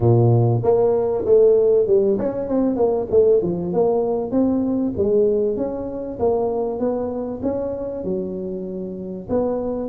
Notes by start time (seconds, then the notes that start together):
0.00 A#2
0.63 A#3
1.25 A3
1.86 G3
2.18 C#4
2.48 C4
2.76 A#3
3.10 A3
3.42 F3
3.73 A#3
4.31 C4
4.97 G#3
5.56 C#4
6.19 A#3
6.79 B3
7.42 C#4
8.04 F#3
9.29 B3